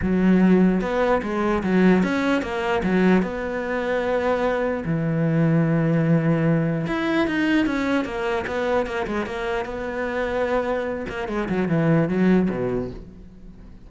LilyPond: \new Staff \with { instrumentName = "cello" } { \time 4/4 \tempo 4 = 149 fis2 b4 gis4 | fis4 cis'4 ais4 fis4 | b1 | e1~ |
e4 e'4 dis'4 cis'4 | ais4 b4 ais8 gis8 ais4 | b2.~ b8 ais8 | gis8 fis8 e4 fis4 b,4 | }